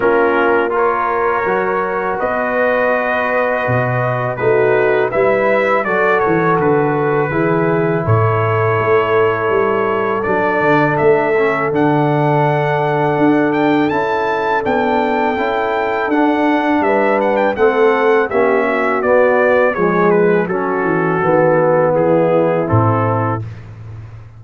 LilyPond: <<
  \new Staff \with { instrumentName = "trumpet" } { \time 4/4 \tempo 4 = 82 ais'4 cis''2 dis''4~ | dis''2 b'4 e''4 | d''8 cis''8 b'2 cis''4~ | cis''2 d''4 e''4 |
fis''2~ fis''8 g''8 a''4 | g''2 fis''4 e''8 fis''16 g''16 | fis''4 e''4 d''4 cis''8 b'8 | a'2 gis'4 a'4 | }
  \new Staff \with { instrumentName = "horn" } { \time 4/4 f'4 ais'2 b'4~ | b'2 fis'4 b'4 | a'2 gis'4 a'4~ | a'1~ |
a'1~ | a'2. b'4 | a'4 g'8 fis'4. gis'4 | fis'2 e'2 | }
  \new Staff \with { instrumentName = "trombone" } { \time 4/4 cis'4 f'4 fis'2~ | fis'2 dis'4 e'4 | fis'2 e'2~ | e'2 d'4. cis'8 |
d'2. e'4 | d'4 e'4 d'2 | c'4 cis'4 b4 gis4 | cis'4 b2 c'4 | }
  \new Staff \with { instrumentName = "tuba" } { \time 4/4 ais2 fis4 b4~ | b4 b,4 a4 g4 | fis8 e8 d4 e4 a,4 | a4 g4 fis8 d8 a4 |
d2 d'4 cis'4 | b4 cis'4 d'4 g4 | a4 ais4 b4 f4 | fis8 e8 dis4 e4 a,4 | }
>>